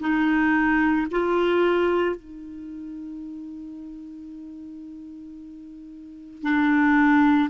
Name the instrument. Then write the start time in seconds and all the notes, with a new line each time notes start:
clarinet
0.00 D#4
1.12 F4
2.16 D#4
6.43 D4